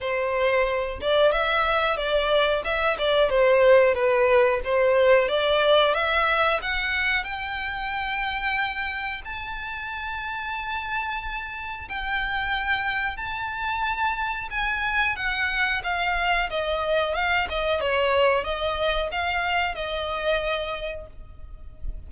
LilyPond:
\new Staff \with { instrumentName = "violin" } { \time 4/4 \tempo 4 = 91 c''4. d''8 e''4 d''4 | e''8 d''8 c''4 b'4 c''4 | d''4 e''4 fis''4 g''4~ | g''2 a''2~ |
a''2 g''2 | a''2 gis''4 fis''4 | f''4 dis''4 f''8 dis''8 cis''4 | dis''4 f''4 dis''2 | }